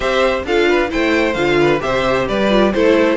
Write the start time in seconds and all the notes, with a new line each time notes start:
0.00 C4 G4 C5 E5
0.44 D4 F4 A4 F5
0.68 B4
0.88 A3 E4 C5 G5
1.33 D3 F4 F5
1.60 B4
1.79 C3 G4 C5 E5
2.28 G3 B4 D5
2.49 F4
2.72 A3 E4 A4 C5